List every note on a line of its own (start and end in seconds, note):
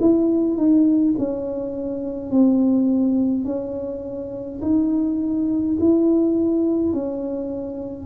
0.00 0.57 E4
0.57 1.14 D#4
1.18 2.30 C#4
2.30 3.45 C4
3.45 4.60 C#4
4.62 5.77 D#4
5.80 6.93 E4
6.93 8.06 C#4